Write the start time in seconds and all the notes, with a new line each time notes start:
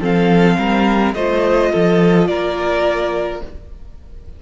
0.00 F3 C4 A4 F5
0.58 G3 A#4
1.14 A3 F4 C5 D#5
1.72 F3 A4
2.27 A#3 A#4 D5